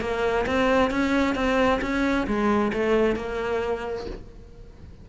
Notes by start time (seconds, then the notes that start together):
0.00 A#3
0.46 C4
0.90 C#4
1.35 C4
1.81 C#4
2.26 G#3
2.73 A3
3.16 A#3